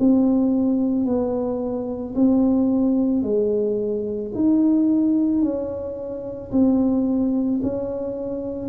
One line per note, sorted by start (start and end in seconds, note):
0.00 1.06 C4
1.06 2.15 B3
2.16 3.23 C4
3.23 4.32 G#3
4.35 5.42 D#4
5.42 6.52 C#4
6.52 7.61 C4
7.63 8.69 C#4